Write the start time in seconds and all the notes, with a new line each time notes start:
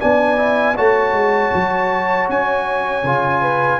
0.00 B3 D4 D5 G#5
0.36 E4
0.76 A3 F#4 C#5 A5
1.12 G#3
1.54 F#3
2.29 C#4 G#5
3.03 C#3 F4
3.41 B4